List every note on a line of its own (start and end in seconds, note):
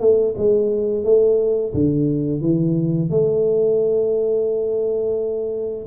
0.00 0.34 A3
0.37 1.04 G#3
1.04 1.73 A3
1.74 2.41 D3
2.41 3.10 E3
3.10 5.86 A3